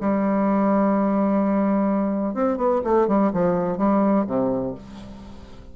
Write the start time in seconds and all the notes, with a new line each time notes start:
0.00 G3
2.34 C4
2.57 B3
2.83 A3
3.07 G3
3.32 F3
3.77 G3
4.26 C3